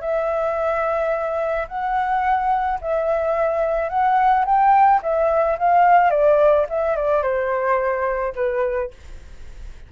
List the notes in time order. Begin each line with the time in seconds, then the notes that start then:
0.00 E5
1.68 F#5
2.81 E5
3.89 F#5
4.45 G5
5.02 E5
5.58 F5
6.10 D5
6.69 E5
6.95 D5
7.22 C5
8.35 B4